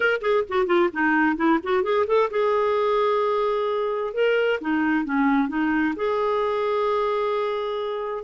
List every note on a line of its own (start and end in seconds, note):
0.00 0.20 A#4
0.21 0.44 G#4
0.48 0.66 F#4
0.66 0.89 F4
0.92 1.36 D#4
1.36 1.59 E4
1.63 1.83 F#4
1.83 2.06 G#4
2.07 2.29 A4
2.30 4.13 G#4
4.13 4.59 A#4
4.61 5.04 D#4
5.04 5.48 C#4
5.48 5.94 D#4
5.96 8.24 G#4